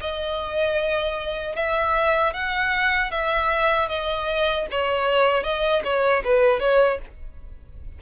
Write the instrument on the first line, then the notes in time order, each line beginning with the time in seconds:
violin
0.00 D#5
1.55 E5
2.33 F#5
3.11 E5
3.89 D#5
4.71 C#5
5.43 D#5
5.84 C#5
6.24 B4
6.60 C#5